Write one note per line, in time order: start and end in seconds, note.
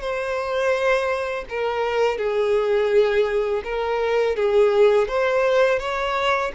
0.00 1.45 C5
1.49 2.18 A#4
2.18 3.62 G#4
3.63 4.36 A#4
4.36 5.08 G#4
5.08 5.79 C5
5.79 6.51 C#5